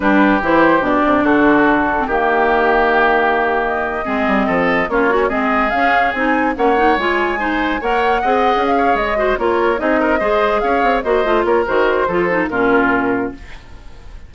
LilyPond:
<<
  \new Staff \with { instrumentName = "flute" } { \time 4/4 \tempo 4 = 144 b'4 c''4 d''4 a'4~ | a'4 g'2.~ | g'8. dis''2. cis''16~ | cis''8. dis''4 f''4 gis''4 fis''16~ |
fis''8. gis''2 fis''4~ fis''16~ | fis''8. f''8. dis''4 cis''4 dis''8~ | dis''4. f''4 dis''4 cis''8 | c''2 ais'2 | }
  \new Staff \with { instrumentName = "oboe" } { \time 4/4 g'2. fis'4~ | fis'4 g'2.~ | g'4.~ g'16 gis'4 a'4 f'16~ | f'16 cis'8 gis'2. cis''16~ |
cis''4.~ cis''16 c''4 cis''4 dis''16~ | dis''4 cis''4 c''8 ais'4 gis'8 | ais'8 c''4 cis''4 c''4 ais'8~ | ais'4 a'4 f'2 | }
  \new Staff \with { instrumentName = "clarinet" } { \time 4/4 d'4 e'4 d'2~ | d'8. c'16 ais2.~ | ais4.~ ais16 c'2 cis'16~ | cis'16 fis'8 c'4 cis'4 dis'4 cis'16~ |
cis'16 dis'8 f'4 dis'4 ais'4 gis'16~ | gis'2 fis'8 f'4 dis'8~ | dis'8 gis'2 fis'8 f'4 | fis'4 f'8 dis'8 cis'2 | }
  \new Staff \with { instrumentName = "bassoon" } { \time 4/4 g4 e4 b,8 c8 d4~ | d4 dis2.~ | dis4.~ dis16 gis8 g8 f4 ais16~ | ais8. gis4 cis'4 c'4 ais16~ |
ais8. gis2 ais4 c'16~ | c'8 cis'4 gis4 ais4 c'8~ | c'8 gis4 cis'8 c'8 ais8 a8 ais8 | dis4 f4 ais,2 | }
>>